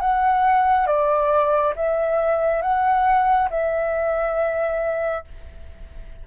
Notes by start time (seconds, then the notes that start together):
0.00 F#5
0.87 D5
1.75 E5
2.62 F#5
3.50 E5